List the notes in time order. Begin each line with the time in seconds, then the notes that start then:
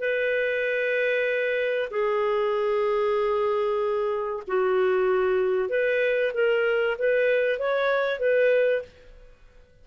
0.00 B4
1.91 G#4
4.48 F#4
5.69 B4
6.34 A#4
6.98 B4
7.59 C#5
8.19 B4